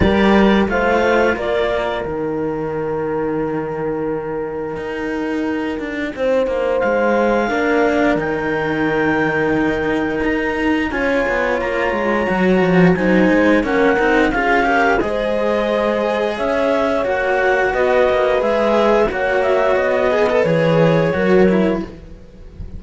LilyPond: <<
  \new Staff \with { instrumentName = "clarinet" } { \time 4/4 \tempo 4 = 88 d''4 f''4 d''4 g''4~ | g''1~ | g''2 f''2 | g''2. ais''4 |
gis''4 ais''2 gis''4 | fis''4 f''4 dis''2 | e''4 fis''4 dis''4 e''4 | fis''8 e''8 dis''4 cis''2 | }
  \new Staff \with { instrumentName = "horn" } { \time 4/4 ais'4 c''4 ais'2~ | ais'1~ | ais'4 c''2 ais'4~ | ais'1 |
cis''2. c''4 | ais'4 gis'8 ais'8 c''2 | cis''2 b'2 | cis''4. b'4. ais'4 | }
  \new Staff \with { instrumentName = "cello" } { \time 4/4 g'4 f'2 dis'4~ | dis'1~ | dis'2. d'4 | dis'1 |
f'2 fis'4 dis'4 | cis'8 dis'8 f'8 g'8 gis'2~ | gis'4 fis'2 gis'4 | fis'4. gis'16 a'16 gis'4 fis'8 e'8 | }
  \new Staff \with { instrumentName = "cello" } { \time 4/4 g4 a4 ais4 dis4~ | dis2. dis'4~ | dis'8 d'8 c'8 ais8 gis4 ais4 | dis2. dis'4 |
cis'8 b8 ais8 gis8 fis8 f8 fis8 gis8 | ais8 c'8 cis'4 gis2 | cis'4 ais4 b8 ais8 gis4 | ais4 b4 e4 fis4 | }
>>